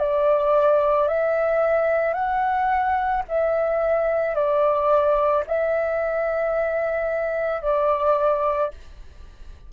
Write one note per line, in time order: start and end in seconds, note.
0.00 1.08 D5
1.08 2.14 E5
2.14 3.23 F#5
3.29 4.35 E5
4.35 5.44 D5
5.47 7.62 E5
7.62 8.71 D5